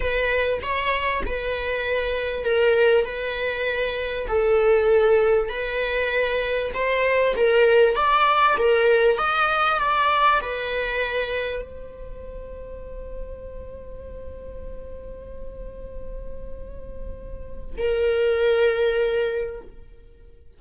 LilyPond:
\new Staff \with { instrumentName = "viola" } { \time 4/4 \tempo 4 = 98 b'4 cis''4 b'2 | ais'4 b'2 a'4~ | a'4 b'2 c''4 | ais'4 d''4 ais'4 dis''4 |
d''4 b'2 c''4~ | c''1~ | c''1~ | c''4 ais'2. | }